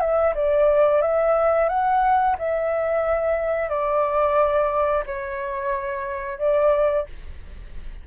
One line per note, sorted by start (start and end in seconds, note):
0.00 0.34 E5
0.35 1.02 D5
1.02 1.69 E5
1.69 2.36 F#5
2.38 3.69 E5
3.69 5.04 D5
5.06 6.39 C#5
6.39 7.06 D5